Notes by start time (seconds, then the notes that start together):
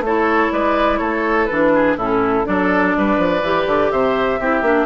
0.00 A3 A4 C#5
0.06 E4
0.52 G#3 B4 D5
0.97 A3 A4 C#5
1.45 E3 D4 B4
1.74 G#4
1.96 A2 C#4 E4 A4
2.44 F#3 D4 A4 D5
2.96 G3 B4
3.17 F3
3.41 E3 G4
3.66 D3
3.91 C3 C5 E5
4.39 C4 E4 G4
4.62 A#3 D4